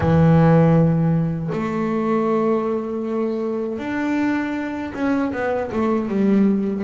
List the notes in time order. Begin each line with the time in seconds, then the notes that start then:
0.00 E3
1.52 A3
3.78 D4
4.94 C#4
5.32 B3
5.72 A3
6.08 G3